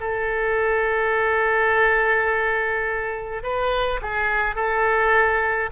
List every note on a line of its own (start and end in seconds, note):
0.00 3.43 A4
3.43 4.00 B4
4.02 4.55 G#4
4.55 5.70 A4